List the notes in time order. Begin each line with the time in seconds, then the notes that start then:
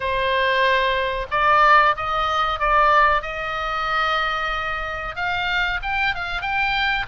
0.00 C5
1.30 D5
1.96 D#5
2.59 D5
3.21 D#5
5.15 F5
5.82 G5
6.15 F5
6.41 G5